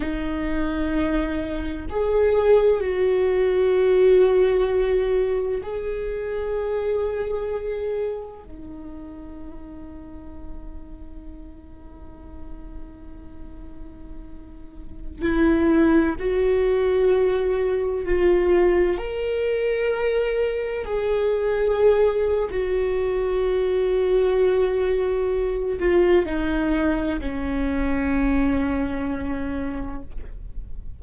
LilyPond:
\new Staff \with { instrumentName = "viola" } { \time 4/4 \tempo 4 = 64 dis'2 gis'4 fis'4~ | fis'2 gis'2~ | gis'4 dis'2.~ | dis'1~ |
dis'16 e'4 fis'2 f'8.~ | f'16 ais'2 gis'4.~ gis'16 | fis'2.~ fis'8 f'8 | dis'4 cis'2. | }